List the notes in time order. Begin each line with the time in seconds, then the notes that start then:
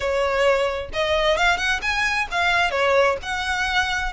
0.00 C#5
0.93 D#5
1.37 F5
1.57 F#5
1.82 G#5
2.31 F5
2.70 C#5
3.22 F#5